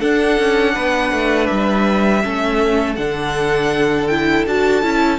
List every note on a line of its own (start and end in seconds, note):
0.00 2.22 D4
0.00 0.39 D4
0.00 0.74 A4
0.00 1.47 F#5
0.39 0.76 C#4
0.75 1.12 B3
0.75 2.23 B4
1.12 1.49 A3
1.47 2.25 G3
1.47 2.95 E5
2.23 2.98 A3
2.23 2.97 C#4
2.23 5.19 A4
2.96 4.46 D3
2.96 4.09 D4
2.96 4.08 F#5
4.08 4.47 E4
4.08 4.45 G5
4.46 4.83 D4
4.46 4.83 F#4
4.46 5.19 A5
4.83 5.19 C#4
4.83 5.19 E4